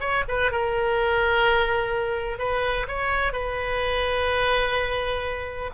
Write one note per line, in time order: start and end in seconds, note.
0.00 0.24 C#5
0.28 0.51 B4
0.51 2.39 A#4
2.39 2.86 B4
2.88 3.32 C#5
3.32 5.71 B4